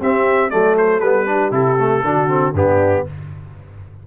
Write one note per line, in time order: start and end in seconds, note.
0.00 0.51 C4
0.00 0.50 G4
0.00 0.51 E5
0.51 1.01 F#3
0.51 1.01 A3
0.51 1.29 A4
0.51 0.76 D5
0.78 1.00 C5
1.00 1.51 G3
1.00 1.27 B3
1.00 1.51 B4
1.27 1.52 D4
1.27 2.06 G4
1.51 2.02 C3
1.51 1.77 E4
1.51 2.55 A4
1.79 2.04 A3
2.04 2.54 D3
2.04 2.29 D4
2.04 2.56 F#4
2.29 2.54 C4
2.54 3.04 G2
2.54 3.07 B3
2.54 3.06 D4
2.54 3.07 G4